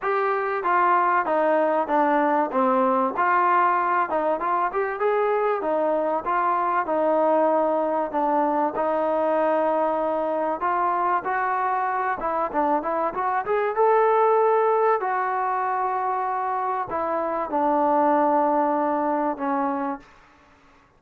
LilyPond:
\new Staff \with { instrumentName = "trombone" } { \time 4/4 \tempo 4 = 96 g'4 f'4 dis'4 d'4 | c'4 f'4. dis'8 f'8 g'8 | gis'4 dis'4 f'4 dis'4~ | dis'4 d'4 dis'2~ |
dis'4 f'4 fis'4. e'8 | d'8 e'8 fis'8 gis'8 a'2 | fis'2. e'4 | d'2. cis'4 | }